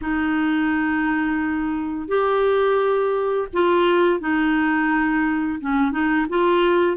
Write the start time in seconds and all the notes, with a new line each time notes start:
0.01 D#4
2.07 G4
3.53 F4
4.20 D#4
5.60 C#4
5.91 D#4
6.29 F4